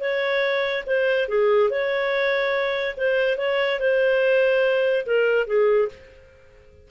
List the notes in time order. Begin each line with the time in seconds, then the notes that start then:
0.00 C#5
0.86 C5
1.28 G#4
1.70 C#5
2.96 C5
3.37 C#5
3.79 C5
5.06 A#4
5.47 G#4